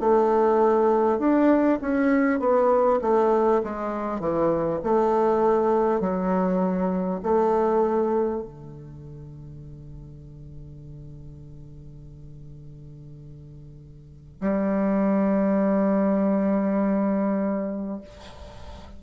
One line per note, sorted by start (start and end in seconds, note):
0.00 1.19 A3
1.19 1.79 D4
1.81 2.39 C#4
2.39 2.99 B3
3.02 3.62 A3
3.64 4.20 G#3
4.20 4.80 E3
4.84 6.01 A3
6.01 7.21 F#3
7.23 8.43 A3
8.43 14.41 D3
14.41 18.01 G3